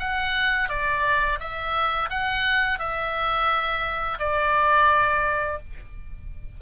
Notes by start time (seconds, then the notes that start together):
0.00 F#5
0.70 D5
1.40 E5
2.11 F#5
2.79 E5
4.20 D5